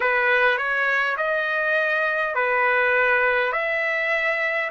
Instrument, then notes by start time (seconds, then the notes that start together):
trumpet
0.00 B4
0.57 C#5
1.17 D#5
2.35 B4
3.52 E5